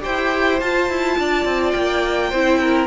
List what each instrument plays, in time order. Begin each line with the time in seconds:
0.00 cello E4, viola G4, violin C5 G5
0.59 cello F4, viola F4, violin A5
0.89 cello E4
1.18 cello D4, violin D5
1.44 cello C4
1.71 cello A#3, violin G5
2.29 cello C4, viola E4, violin C5
2.61 violin A#4